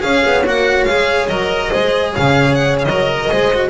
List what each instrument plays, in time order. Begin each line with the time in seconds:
0.00 double bass C#4, cello G#4, horn C#5, violin F5
0.26 double bass B3
0.46 double bass A#3, cello F#4, violin F#5
0.84 double bass G#3, cello G#4, violin F5
1.27 double bass F#3, cello A#4, violin D#5
1.69 double bass G#3, cello G#4, horn C5
2.10 horn C#5, violin F5
2.17 double bass C#3
2.55 violin F#5
2.79 violin D#5 F5
2.86 double bass F#3, cello A#4
3.21 horn A#4
3.30 double bass G#3, cello G#4, horn C5
3.53 cello F#4